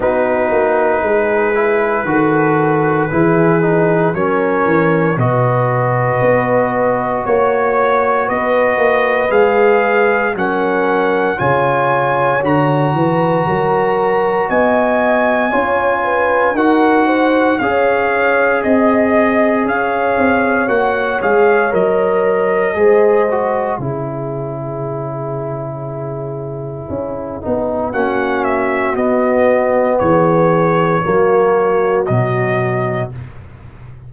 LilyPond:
<<
  \new Staff \with { instrumentName = "trumpet" } { \time 4/4 \tempo 4 = 58 b'1 | cis''4 dis''2 cis''4 | dis''4 f''4 fis''4 gis''4 | ais''2 gis''2 |
fis''4 f''4 dis''4 f''4 | fis''8 f''8 dis''2 cis''4~ | cis''2. fis''8 e''8 | dis''4 cis''2 dis''4 | }
  \new Staff \with { instrumentName = "horn" } { \time 4/4 fis'4 gis'4 a'4 gis'4 | ais'4 b'2 cis''4 | b'2 ais'4 cis''4~ | cis''8 b'8 ais'4 dis''4 cis''8 b'8 |
ais'8 c''8 cis''4 dis''4 cis''4~ | cis''2 c''4 gis'4~ | gis'2. fis'4~ | fis'4 gis'4 fis'2 | }
  \new Staff \with { instrumentName = "trombone" } { \time 4/4 dis'4. e'8 fis'4 e'8 dis'8 | cis'4 fis'2.~ | fis'4 gis'4 cis'4 f'4 | fis'2. f'4 |
fis'4 gis'2. | fis'8 gis'8 ais'4 gis'8 fis'8 e'4~ | e'2~ e'8 dis'8 cis'4 | b2 ais4 fis4 | }
  \new Staff \with { instrumentName = "tuba" } { \time 4/4 b8 ais8 gis4 dis4 e4 | fis8 e8 b,4 b4 ais4 | b8 ais8 gis4 fis4 cis4 | d8 e8 fis4 b4 cis'4 |
dis'4 cis'4 c'4 cis'8 c'8 | ais8 gis8 fis4 gis4 cis4~ | cis2 cis'8 b8 ais4 | b4 e4 fis4 b,4 | }
>>